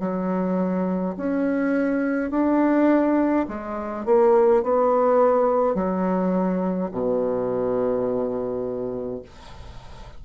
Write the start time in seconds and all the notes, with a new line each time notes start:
0.00 F#3
1.17 C#4
2.31 D4
3.49 G#3
4.06 A#3
4.63 B3
5.75 F#3
6.92 B2